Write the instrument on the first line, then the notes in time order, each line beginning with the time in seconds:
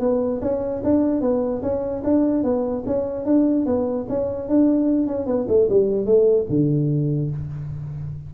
tuba
0.00 B3
0.42 C#4
0.84 D4
1.21 B3
1.62 C#4
2.04 D4
2.43 B3
2.86 C#4
3.26 D4
3.66 B3
4.09 C#4
4.49 D4
5.07 C#4
5.26 B3
5.48 A3
5.70 G3
6.06 A3
6.50 D3